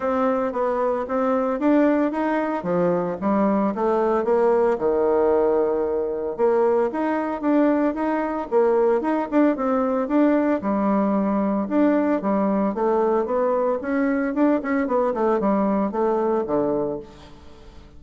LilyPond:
\new Staff \with { instrumentName = "bassoon" } { \time 4/4 \tempo 4 = 113 c'4 b4 c'4 d'4 | dis'4 f4 g4 a4 | ais4 dis2. | ais4 dis'4 d'4 dis'4 |
ais4 dis'8 d'8 c'4 d'4 | g2 d'4 g4 | a4 b4 cis'4 d'8 cis'8 | b8 a8 g4 a4 d4 | }